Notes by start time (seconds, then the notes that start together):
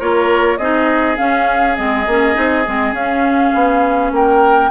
0.00 A#3 F4 A#4 C#5
0.57 C4 D#4 G#4 D#5
1.17 C#4 F5
1.76 G#3 C4 D#5
2.07 A#3 C#4
2.34 C4 D#4
2.66 G#3 C4
2.92 C#4 F5
3.54 B3
4.12 A#3 A#4 G5